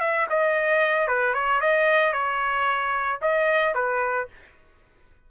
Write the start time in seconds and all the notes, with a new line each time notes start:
0.00 E5
0.30 D#5
1.08 B4
1.34 C#5
1.61 D#5
2.13 C#5
3.22 D#5
3.74 B4